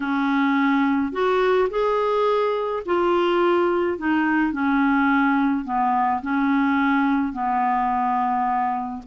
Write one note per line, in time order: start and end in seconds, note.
0.00 1.12 C#4
1.12 1.69 F#4
1.70 2.83 G#4
2.85 3.98 F4
3.98 4.52 D#4
4.52 5.64 C#4
5.64 6.21 B3
6.22 7.32 C#4
7.32 9.02 B3